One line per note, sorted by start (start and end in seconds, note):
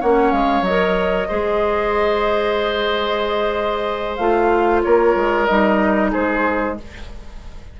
0.00 0.32 A#3
0.00 0.67 C#4
0.00 1.28 C#5
0.00 0.31 F#5
0.31 0.61 G#3
0.31 0.63 F5
0.61 1.26 F#3
0.61 1.29 A#4
0.61 4.16 D#5
1.28 4.18 G#3
1.28 4.19 G#4
1.28 4.83 C5
4.16 4.83 A3
4.16 5.48 F4
4.16 4.80 F5
4.83 5.15 A#3
4.83 6.11 A#4
4.83 5.45 C#5
5.15 5.47 G#3
5.45 6.14 G3
5.45 6.77 D#4
5.45 6.10 D#5
6.11 6.79 G#3
6.11 6.76 G#4
6.11 6.77 C5